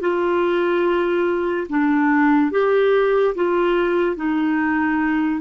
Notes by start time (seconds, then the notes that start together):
0.00 F4
1.69 D4
2.51 G4
3.35 F4
4.16 D#4